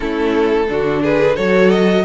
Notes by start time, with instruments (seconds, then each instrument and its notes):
0.00 cello A3, viola C#4, violin E4 A4
0.68 cello D3, viola D4, violin F#4
1.02 violin G#4 B4
1.36 cello F#3, viola F#4, violin A4 C#5
1.70 violin D#5